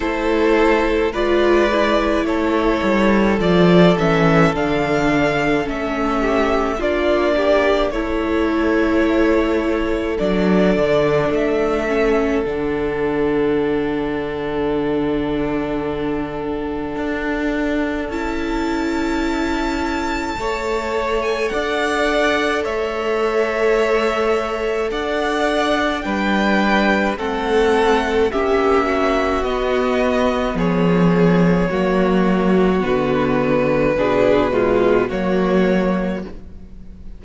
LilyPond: <<
  \new Staff \with { instrumentName = "violin" } { \time 4/4 \tempo 4 = 53 c''4 d''4 cis''4 d''8 e''8 | f''4 e''4 d''4 cis''4~ | cis''4 d''4 e''4 fis''4~ | fis''1 |
a''2~ a''8. gis''16 fis''4 | e''2 fis''4 g''4 | fis''4 e''4 dis''4 cis''4~ | cis''4 b'2 cis''4 | }
  \new Staff \with { instrumentName = "violin" } { \time 4/4 a'4 b'4 a'2~ | a'4. g'8 f'8 g'8 a'4~ | a'1~ | a'1~ |
a'2 cis''4 d''4 | cis''2 d''4 b'4 | a'4 g'8 fis'4. gis'4 | fis'2 gis'8 f'8 fis'4 | }
  \new Staff \with { instrumentName = "viola" } { \time 4/4 e'4 f'8 e'4. f'8 cis'8 | d'4 cis'4 d'4 e'4~ | e'4 d'4. cis'8 d'4~ | d'1 |
e'2 a'2~ | a'2. d'4 | c'4 cis'4 b2 | ais4 b4 d'8 gis8 ais4 | }
  \new Staff \with { instrumentName = "cello" } { \time 4/4 a4 gis4 a8 g8 f8 e8 | d4 a4 ais4 a4~ | a4 fis8 d8 a4 d4~ | d2. d'4 |
cis'2 a4 d'4 | a2 d'4 g4 | a4 ais4 b4 f4 | fis4 d4 b,4 fis4 | }
>>